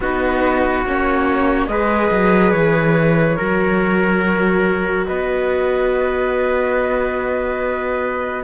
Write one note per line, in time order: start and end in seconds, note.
0.00 0.84 B3
0.00 0.86 D#4
0.00 1.70 F#4
0.00 0.86 B4
0.86 1.68 A#3
0.86 1.69 C#4
0.86 1.67 C#5
1.67 2.10 G#3
1.67 3.38 G#4
1.67 3.36 B4
1.67 2.51 D#5
2.10 2.53 F#3
2.51 3.37 E3
2.51 5.05 C#5
3.36 5.09 F#3
3.36 8.43 F#4
3.36 5.05 A#4
5.06 8.43 B3
5.06 8.43 B4
5.06 8.43 D#5